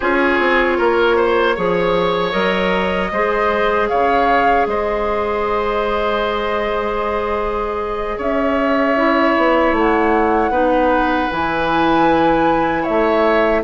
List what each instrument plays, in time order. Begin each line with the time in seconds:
0.00 bassoon C#4, clarinet F4, oboe G#4, flute C#5
0.39 bassoon C4
0.77 bassoon A#3, oboe A#4
1.16 oboe C5
1.55 bassoon F3, clarinet G#4, oboe C#5
2.31 bassoon F#3, clarinet A#4, flute D#5
3.11 bassoon G#3, clarinet G#4, oboe C5
3.88 bassoon C#3, oboe C#5, flute F5
4.66 bassoon G#3, oboe C5, flute D#5
8.17 bassoon C#4, oboe C#5, flute E5
8.97 clarinet E4
9.37 bassoon B3
9.72 bassoon A3, flute F#5
10.50 bassoon B3, clarinet D#4, oboe B4
11.30 bassoon E3, clarinet E4, flute G#5
12.82 bassoon A3, oboe C#5, flute E5